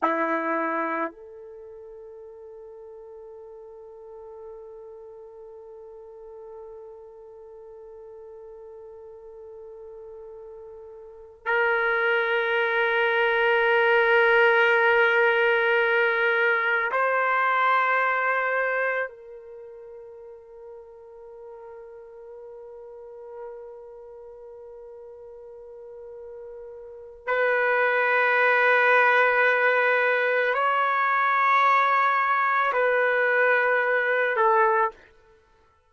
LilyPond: \new Staff \with { instrumentName = "trumpet" } { \time 4/4 \tempo 4 = 55 e'4 a'2.~ | a'1~ | a'2~ a'8 ais'4.~ | ais'2.~ ais'8 c''8~ |
c''4. ais'2~ ais'8~ | ais'1~ | ais'4 b'2. | cis''2 b'4. a'8 | }